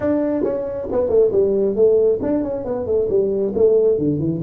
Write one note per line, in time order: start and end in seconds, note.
0.00 0.43 D4
0.43 0.87 C#4
0.91 1.09 B3
1.09 1.31 A3
1.32 1.75 G3
1.75 2.19 A3
2.22 2.43 D4
2.43 2.64 C#4
2.64 2.86 B3
2.86 3.08 A3
3.09 3.53 G3
3.55 3.98 A3
3.98 4.19 D3
4.19 4.41 E3